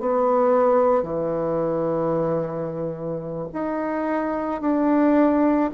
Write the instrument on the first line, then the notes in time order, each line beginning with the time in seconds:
bassoon
0.00 B3
1.03 E3
3.53 D#4
4.61 D4